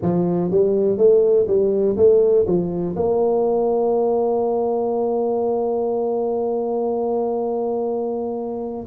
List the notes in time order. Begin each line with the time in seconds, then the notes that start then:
0.01 F3
0.51 G3
0.97 A3
1.47 G3
1.97 A3
2.46 F3
2.96 A#3